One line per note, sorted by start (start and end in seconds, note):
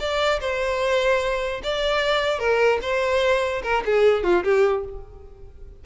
0.00 0.40 D5
0.41 1.62 C5
1.64 2.39 D5
2.39 2.79 A#4
2.82 3.63 C5
3.64 3.84 A#4
3.86 4.24 G#4
4.24 4.44 F4
4.44 4.84 G4